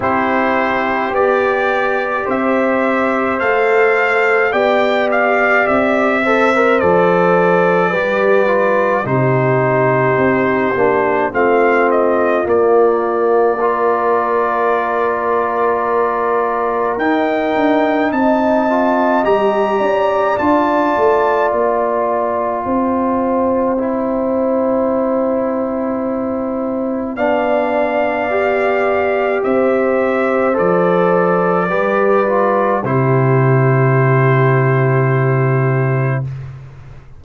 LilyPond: <<
  \new Staff \with { instrumentName = "trumpet" } { \time 4/4 \tempo 4 = 53 c''4 d''4 e''4 f''4 | g''8 f''8 e''4 d''2 | c''2 f''8 dis''8 d''4~ | d''2. g''4 |
a''4 ais''4 a''4 g''4~ | g''1 | f''2 e''4 d''4~ | d''4 c''2. | }
  \new Staff \with { instrumentName = "horn" } { \time 4/4 g'2 c''2 | d''4. c''4. b'4 | g'2 f'2 | ais'1 |
dis''4. d''2~ d''8 | c''1 | d''2 c''2 | b'4 g'2. | }
  \new Staff \with { instrumentName = "trombone" } { \time 4/4 e'4 g'2 a'4 | g'4. a'16 ais'16 a'4 g'8 f'8 | dis'4. d'8 c'4 ais4 | f'2. dis'4~ |
dis'8 f'8 g'4 f'2~ | f'4 e'2. | d'4 g'2 a'4 | g'8 f'8 e'2. | }
  \new Staff \with { instrumentName = "tuba" } { \time 4/4 c'4 b4 c'4 a4 | b4 c'4 f4 g4 | c4 c'8 ais8 a4 ais4~ | ais2. dis'8 d'8 |
c'4 g8 cis'8 d'8 a8 ais4 | c'1 | b2 c'4 f4 | g4 c2. | }
>>